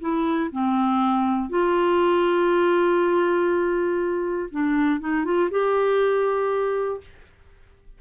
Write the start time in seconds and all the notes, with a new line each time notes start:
0.00 E4
0.52 C4
1.49 F4
4.51 D4
5.00 D#4
5.25 F4
5.50 G4